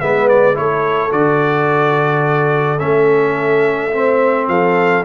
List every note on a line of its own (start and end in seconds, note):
0.00 0.58 G#3
0.00 0.54 B3
0.00 0.57 B4
0.00 0.28 E5
0.28 0.56 D5
0.54 1.12 A3
0.54 1.10 E4
0.54 3.93 A4
0.54 1.12 C#5
1.11 2.80 D3
1.11 2.79 F#4
1.11 2.79 D5
2.79 4.47 A3
2.79 3.91 C#4
2.79 4.47 E5
3.92 5.04 C4
3.92 4.49 C5
4.47 5.03 F3
4.47 5.05 A4
4.47 5.04 F5